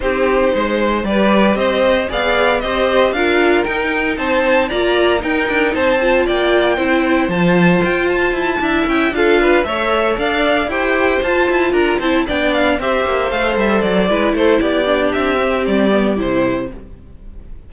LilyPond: <<
  \new Staff \with { instrumentName = "violin" } { \time 4/4 \tempo 4 = 115 c''2 d''4 dis''4 | f''4 dis''4 f''4 g''4 | a''4 ais''4 g''4 a''4 | g''2 a''4 g''8 a''8~ |
a''4 g''8 f''4 e''4 f''8~ | f''8 g''4 a''4 ais''8 a''8 g''8 | f''8 e''4 f''8 e''8 d''4 c''8 | d''4 e''4 d''4 c''4 | }
  \new Staff \with { instrumentName = "violin" } { \time 4/4 g'4 c''4 b'4 c''4 | d''4 c''4 ais'2 | c''4 d''4 ais'4 c''4 | d''4 c''2.~ |
c''8 e''4 a'8 b'8 cis''4 d''8~ | d''8 c''2 ais'8 c''8 d''8~ | d''8 c''2~ c''8 b'8 a'8 | g'1 | }
  \new Staff \with { instrumentName = "viola" } { \time 4/4 dis'2 g'2 | gis'4 g'4 f'4 dis'4~ | dis'4 f'4 dis'4. f'8~ | f'4 e'4 f'2~ |
f'8 e'4 f'4 a'4.~ | a'8 g'4 f'4. e'8 d'8~ | d'8 g'4 a'4. e'4~ | e'8 d'4 c'4 b8 e'4 | }
  \new Staff \with { instrumentName = "cello" } { \time 4/4 c'4 gis4 g4 c'4 | b4 c'4 d'4 dis'4 | c'4 ais4 dis'8 d'8 c'4 | ais4 c'4 f4 f'4 |
e'8 d'8 cis'8 d'4 a4 d'8~ | d'8 e'4 f'8 e'8 d'8 c'8 b8~ | b8 c'8 ais8 a8 g8 fis8 gis8 a8 | b4 c'4 g4 c4 | }
>>